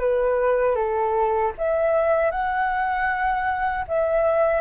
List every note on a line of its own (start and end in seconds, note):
0.00 0.76 B4
0.76 1.52 A4
1.58 2.31 E5
2.31 3.85 F#5
3.88 4.61 E5